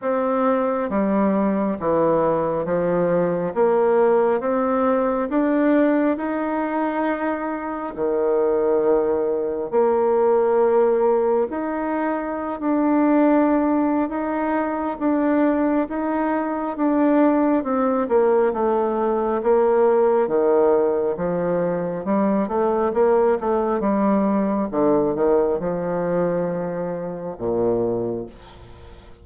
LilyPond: \new Staff \with { instrumentName = "bassoon" } { \time 4/4 \tempo 4 = 68 c'4 g4 e4 f4 | ais4 c'4 d'4 dis'4~ | dis'4 dis2 ais4~ | ais4 dis'4~ dis'16 d'4.~ d'16 |
dis'4 d'4 dis'4 d'4 | c'8 ais8 a4 ais4 dis4 | f4 g8 a8 ais8 a8 g4 | d8 dis8 f2 ais,4 | }